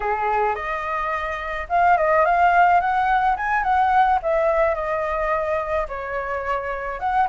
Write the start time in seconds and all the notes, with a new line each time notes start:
0.00 G#4
0.55 D#5
1.69 F5
1.97 D#5
2.25 F5
2.80 F#5
3.36 G#5
3.63 F#5
4.22 E5
4.75 D#5
5.88 C#5
6.99 F#5